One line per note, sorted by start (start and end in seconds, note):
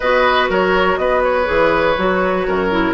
0.00 0.49 B3
0.00 1.45 F#4
0.00 0.49 B4
0.00 0.48 D#5
0.49 0.97 F#3
0.49 0.99 A#4
0.49 0.97 C#5
0.97 1.47 B3
0.97 2.47 B4
0.97 1.21 D#5
1.22 2.94 C#5
1.45 1.97 E3
1.45 1.94 G#4
1.97 2.47 F#3
1.97 2.71 F#4
2.47 2.94 F#2
2.47 2.94 A#4
2.71 2.94 E4